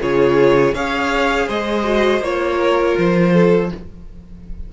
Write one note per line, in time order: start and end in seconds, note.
0.00 0.73 C#3
0.00 0.74 F4
0.00 0.74 G#4
0.00 0.74 C#5
0.73 1.47 C#4
0.73 1.84 G#4
0.73 1.47 C#5
0.73 1.48 F5
1.47 2.20 G#3
1.47 2.58 C5
1.47 2.23 D#5
1.84 2.21 F#4
2.20 2.94 A#3
2.20 3.72 F4
2.20 2.97 C#5
2.59 3.32 A#4
2.97 3.71 F3
2.97 3.72 C5
3.32 3.69 A4